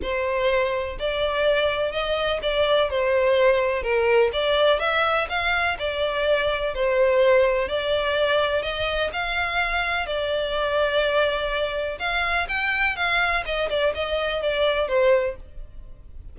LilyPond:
\new Staff \with { instrumentName = "violin" } { \time 4/4 \tempo 4 = 125 c''2 d''2 | dis''4 d''4 c''2 | ais'4 d''4 e''4 f''4 | d''2 c''2 |
d''2 dis''4 f''4~ | f''4 d''2.~ | d''4 f''4 g''4 f''4 | dis''8 d''8 dis''4 d''4 c''4 | }